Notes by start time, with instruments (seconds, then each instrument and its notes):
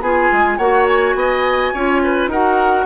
0.00 bassoon B3, clarinet F4, oboe G#4, flute G#5
0.32 bassoon G#3
0.57 bassoon A#3, clarinet F#4, oboe C#5, flute F#5
0.87 flute G#5
1.14 bassoon B3, oboe D#5
1.73 bassoon C#4, clarinet F4, oboe C#5
2.03 oboe B4
2.27 bassoon D#4, clarinet F#4, oboe A#4, flute F#5